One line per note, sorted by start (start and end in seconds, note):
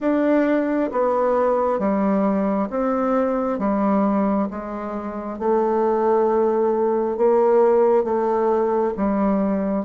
0.00 0.90 D4
0.91 1.79 B3
1.79 2.68 G3
2.70 3.59 C4
3.59 4.48 G3
4.50 5.39 G#3
5.39 7.17 A3
7.17 8.04 A#3
8.04 8.93 A3
8.96 9.85 G3